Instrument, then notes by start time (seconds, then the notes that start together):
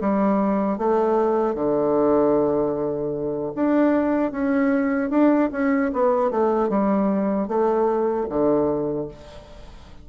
bassoon
0.00 G3
0.78 A3
1.55 D3
3.55 D4
4.31 C#4
5.10 D4
5.52 C#4
5.93 B3
6.31 A3
6.69 G3
7.47 A3
8.29 D3